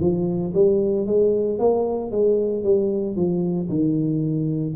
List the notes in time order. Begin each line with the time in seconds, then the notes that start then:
0.00 F3
0.54 G3
1.06 G#3
1.58 A#3
2.11 G#3
2.63 G3
3.16 F3
3.69 D#3